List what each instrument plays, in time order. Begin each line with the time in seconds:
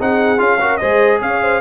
0.00 tuba C4, trombone D#4, horn G#4, trumpet F#5
0.39 tuba C#4, trombone F4, trumpet F5
0.61 trombone F#4, horn A#4
0.78 tuba G#3, trombone G#4, horn C5, trumpet D#5
1.22 tuba C#4, horn C#5, trumpet F5
1.42 horn C5